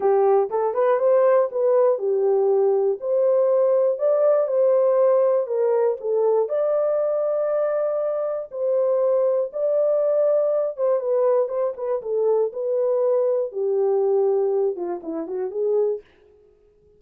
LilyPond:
\new Staff \with { instrumentName = "horn" } { \time 4/4 \tempo 4 = 120 g'4 a'8 b'8 c''4 b'4 | g'2 c''2 | d''4 c''2 ais'4 | a'4 d''2.~ |
d''4 c''2 d''4~ | d''4. c''8 b'4 c''8 b'8 | a'4 b'2 g'4~ | g'4. f'8 e'8 fis'8 gis'4 | }